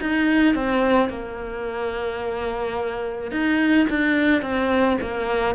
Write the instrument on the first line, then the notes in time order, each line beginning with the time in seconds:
cello
0.00 D#4
0.55 C4
1.09 A#3
3.31 D#4
3.89 D4
4.41 C4
5.01 A#3